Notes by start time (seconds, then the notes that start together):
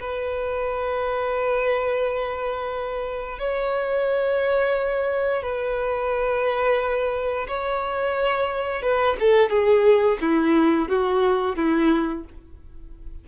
0.00 B4
3.39 C#5
5.42 B4
7.48 C#5
8.82 B4
9.20 A4
9.49 G#4
10.21 E4
10.88 F#4
11.55 E4